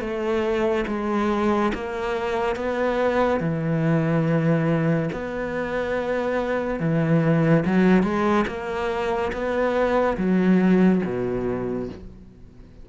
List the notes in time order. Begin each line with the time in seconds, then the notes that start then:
0.00 A3
0.87 G#3
1.74 A#3
2.55 B3
3.40 E3
5.12 B3
6.80 E3
7.65 F#3
8.03 G#3
8.47 A#3
9.32 B3
10.17 F#3
11.04 B2